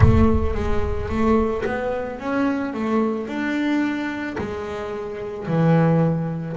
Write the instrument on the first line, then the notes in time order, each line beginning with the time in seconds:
double bass
0.00 A3
0.54 G#3
1.09 A3
1.65 B3
2.19 C#4
2.73 A3
3.27 D4
4.37 G#3
5.47 E3